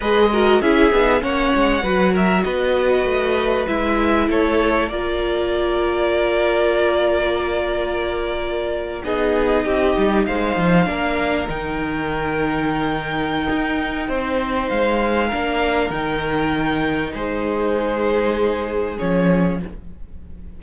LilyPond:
<<
  \new Staff \with { instrumentName = "violin" } { \time 4/4 \tempo 4 = 98 dis''4 e''4 fis''4. e''8 | dis''2 e''4 cis''4 | d''1~ | d''2~ d''8. dis''4~ dis''16~ |
dis''8. f''2 g''4~ g''16~ | g''1 | f''2 g''2 | c''2. cis''4 | }
  \new Staff \with { instrumentName = "violin" } { \time 4/4 b'8 ais'8 gis'4 cis''4 b'8 ais'8 | b'2. a'4 | ais'1~ | ais'2~ ais'8. gis'4 g'16~ |
g'8. c''4 ais'2~ ais'16~ | ais'2. c''4~ | c''4 ais'2. | gis'1 | }
  \new Staff \with { instrumentName = "viola" } { \time 4/4 gis'8 fis'8 e'8 dis'8 cis'4 fis'4~ | fis'2 e'2 | f'1~ | f'2~ f'8. dis'4~ dis'16~ |
dis'4.~ dis'16 d'4 dis'4~ dis'16~ | dis'1~ | dis'4 d'4 dis'2~ | dis'2. cis'4 | }
  \new Staff \with { instrumentName = "cello" } { \time 4/4 gis4 cis'8 b8 ais8 gis8 fis4 | b4 a4 gis4 a4 | ais1~ | ais2~ ais8. b4 c'16~ |
c'16 g8 gis8 f8 ais4 dis4~ dis16~ | dis2 dis'4 c'4 | gis4 ais4 dis2 | gis2. f4 | }
>>